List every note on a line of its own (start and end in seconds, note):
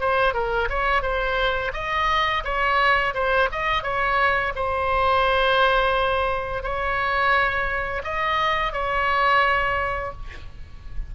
0.00 0.33 C5
0.33 0.68 A#4
0.69 1.02 C#5
1.02 1.72 C5
1.73 2.43 D#5
2.44 3.14 C#5
3.14 3.49 C5
3.52 3.83 D#5
3.83 4.53 C#5
4.55 6.62 C5
6.62 8.02 C#5
8.04 8.72 D#5
8.72 10.12 C#5